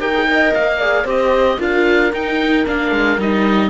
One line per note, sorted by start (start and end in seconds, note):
0.00 0.54 D#4
0.00 0.13 G4
0.00 0.27 A#4
0.00 0.55 G5
0.15 0.28 G#4
0.28 0.80 A#4
0.28 0.79 D#5
0.55 1.05 A#3
0.55 1.08 F5
0.79 1.06 G#4
0.79 1.05 D5
1.05 1.58 C4
1.05 1.59 G4
1.05 1.58 C5
1.05 1.62 D#5
1.59 2.13 D4
1.59 2.12 F4
1.59 3.71 A#4
1.59 2.14 F5
2.13 2.66 D#4
2.13 2.65 D#4
2.13 2.67 G5
2.65 2.92 A#3
2.65 3.19 D4
2.65 3.21 F5
2.92 3.18 G#3
3.18 3.71 G3
3.18 3.71 D#4
3.18 3.71 D#5